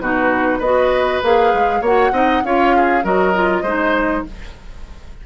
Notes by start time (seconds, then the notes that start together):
0.00 B2 D#4 F#4 B4
0.59 B3 F#4 B4 D#5
1.23 A#3 G#4 F5
1.54 G#3
1.81 A#3 F#4 C#5 F#5
2.12 C4 D#4 D#5
2.44 C#4 F4 C#5 F5
2.76 G#4
3.03 F#3 F#4 A#4 D#5
3.34 F4
3.62 G#3 D#4 C5